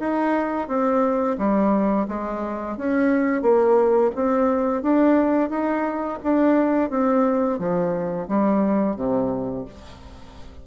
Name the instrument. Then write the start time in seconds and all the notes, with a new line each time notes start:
bassoon
0.00 D#4
0.68 C4
1.38 G3
2.09 G#3
2.78 C#4
3.42 A#3
4.16 C4
4.83 D4
5.50 D#4
6.24 D4
6.90 C4
7.59 F3
8.29 G3
8.97 C3